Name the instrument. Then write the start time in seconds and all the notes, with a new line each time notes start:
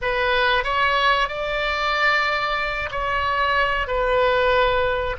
oboe
0.01 B4
0.64 C#5
1.28 D5
2.91 C#5
3.87 B4